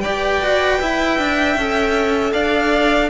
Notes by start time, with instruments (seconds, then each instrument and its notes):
0.00 cello G4, viola B4, violin D5 G5
0.42 cello F#4
0.80 cello E4, violin E5
1.19 cello D4
1.55 cello C#4, viola A4
2.32 cello D4, violin D5 F5